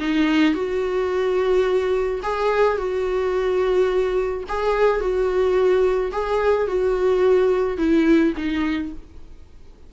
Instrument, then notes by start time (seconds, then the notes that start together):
viola
0.00 D#4
0.54 F#4
2.23 G#4
2.78 F#4
4.49 G#4
5.01 F#4
6.12 G#4
6.67 F#4
7.78 E4
8.37 D#4